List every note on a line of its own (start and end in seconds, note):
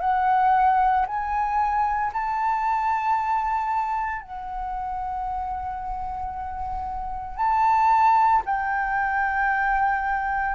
0.00 1.05 F#5
1.06 2.11 G#5
2.12 4.21 A5
4.21 7.36 F#5
7.36 8.42 A5
8.45 10.55 G5